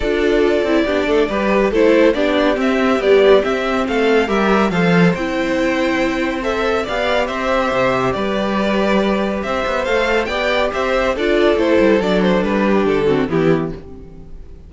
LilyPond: <<
  \new Staff \with { instrumentName = "violin" } { \time 4/4 \tempo 4 = 140 d''1 | c''4 d''4 e''4 d''4 | e''4 f''4 e''4 f''4 | g''2. e''4 |
f''4 e''2 d''4~ | d''2 e''4 f''4 | g''4 e''4 d''4 c''4 | d''8 c''8 b'4 a'4 g'4 | }
  \new Staff \with { instrumentName = "violin" } { \time 4/4 a'2 g'8 a'8 b'4 | a'4 g'2.~ | g'4 a'4 ais'4 c''4~ | c''1 |
d''4 c''2 b'4~ | b'2 c''2 | d''4 c''4 a'2~ | a'4. g'4 fis'8 e'4 | }
  \new Staff \with { instrumentName = "viola" } { \time 4/4 f'4. e'8 d'4 g'4 | e'4 d'4 c'4 g4 | c'2 g'4 a'4 | e'2. a'4 |
g'1~ | g'2. a'4 | g'2 f'4 e'4 | d'2~ d'8 c'8 b4 | }
  \new Staff \with { instrumentName = "cello" } { \time 4/4 d'4. c'8 b8 a8 g4 | a4 b4 c'4 b4 | c'4 a4 g4 f4 | c'1 |
b4 c'4 c4 g4~ | g2 c'8 b8 a4 | b4 c'4 d'4 a8 g8 | fis4 g4 d4 e4 | }
>>